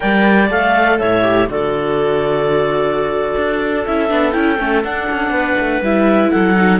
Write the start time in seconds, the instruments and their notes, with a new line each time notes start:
0.00 cello G3, viola A#4, clarinet D5 G5
0.49 cello A3, viola A4, clarinet F5
0.99 cello A2, clarinet C#5 E5
1.22 viola G4
1.48 cello D3, viola F#4, clarinet A4 D5
3.36 cello D4
3.86 cello C#4, viola E4, clarinet E5
4.08 cello B3, viola D4
4.31 cello C#4, viola E4, clarinet G5
4.58 cello A3, viola C#4
4.83 viola D4, cello D4, clarinet F#5
5.10 cello C#4
5.30 cello B3, clarinet B4
5.59 cello A3
5.81 cello G3, viola E4, clarinet E5
6.30 cello F#3, clarinet A4 F#5
6.56 viola D#4